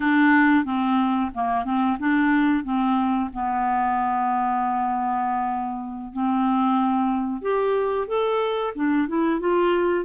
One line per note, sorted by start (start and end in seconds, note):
0.00 0.64 D4
0.64 1.30 C4
1.34 1.64 A#3
1.64 1.97 C4
1.99 2.64 D4
2.64 3.30 C4
3.33 6.12 B3
6.12 7.41 C4
7.41 8.07 G4
8.07 8.73 A4
8.75 9.08 D4
9.08 9.40 E4
9.40 10.05 F4